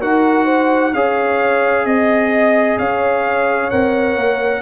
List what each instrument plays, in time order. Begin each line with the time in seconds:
0.00 tuba D#4, trombone F#4, horn A#4, trumpet F#5
0.45 horn C5
0.93 tuba C#4, trombone G#4, horn C#5, trumpet F5
1.85 tuba C4, trumpet D#5, horn D#5
2.78 tuba C#4, horn C#5, trumpet F5
3.70 tuba C4, trombone A#4, trumpet F#5
4.15 tuba A#3